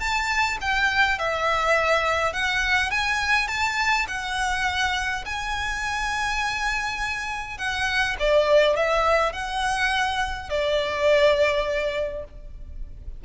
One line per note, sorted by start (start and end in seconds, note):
0.00 0.58 A5
0.61 1.19 G5
1.19 2.34 E5
2.34 2.91 F#5
2.91 3.48 G#5
3.48 4.07 A5
4.08 5.25 F#5
5.26 7.58 G#5
7.58 8.16 F#5
8.20 8.77 D5
8.77 9.33 E5
9.33 10.50 F#5
10.50 12.25 D5